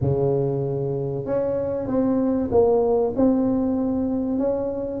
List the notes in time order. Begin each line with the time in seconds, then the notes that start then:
0.01 C#3
1.25 C#4
1.87 C4
2.51 A#3
3.16 C4
4.38 C#4